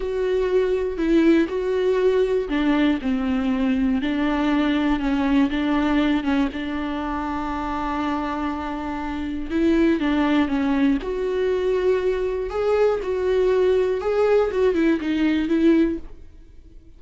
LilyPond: \new Staff \with { instrumentName = "viola" } { \time 4/4 \tempo 4 = 120 fis'2 e'4 fis'4~ | fis'4 d'4 c'2 | d'2 cis'4 d'4~ | d'8 cis'8 d'2.~ |
d'2. e'4 | d'4 cis'4 fis'2~ | fis'4 gis'4 fis'2 | gis'4 fis'8 e'8 dis'4 e'4 | }